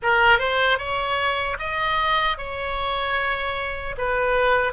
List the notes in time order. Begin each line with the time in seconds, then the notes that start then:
0.02 A#4
0.38 C5
0.78 C#5
1.58 D#5
2.37 C#5
3.97 B4